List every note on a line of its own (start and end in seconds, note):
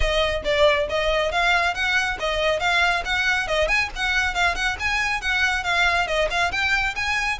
0.00 0.42 D#5
0.44 0.87 D5
0.89 1.31 D#5
1.31 1.74 F5
1.74 2.17 F#5
2.19 2.59 D#5
2.59 3.03 F5
3.04 3.47 F#5
3.47 3.67 D#5
3.67 3.89 G#5
3.95 4.34 F#5
4.34 4.55 F5
4.55 4.76 F#5
4.79 5.21 G#5
5.21 5.63 F#5
5.63 6.07 F5
6.07 6.28 D#5
6.30 6.51 F5
6.51 6.95 G5
6.95 7.39 G#5